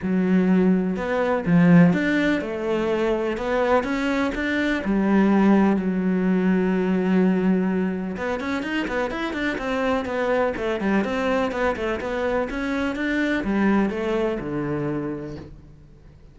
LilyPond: \new Staff \with { instrumentName = "cello" } { \time 4/4 \tempo 4 = 125 fis2 b4 f4 | d'4 a2 b4 | cis'4 d'4 g2 | fis1~ |
fis4 b8 cis'8 dis'8 b8 e'8 d'8 | c'4 b4 a8 g8 c'4 | b8 a8 b4 cis'4 d'4 | g4 a4 d2 | }